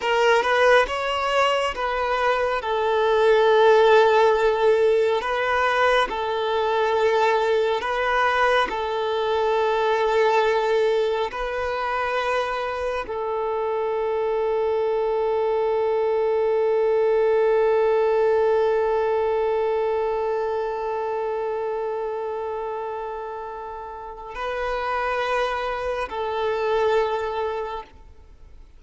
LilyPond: \new Staff \with { instrumentName = "violin" } { \time 4/4 \tempo 4 = 69 ais'8 b'8 cis''4 b'4 a'4~ | a'2 b'4 a'4~ | a'4 b'4 a'2~ | a'4 b'2 a'4~ |
a'1~ | a'1~ | a'1 | b'2 a'2 | }